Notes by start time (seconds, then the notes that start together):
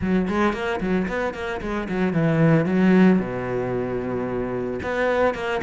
0.01 F#3
0.28 G#3
0.53 A#3
0.80 F#3
1.07 B3
1.34 A#3
1.61 G#3
1.88 F#3
2.13 E3
2.65 F#3
3.19 B2
4.82 B3
5.34 A#3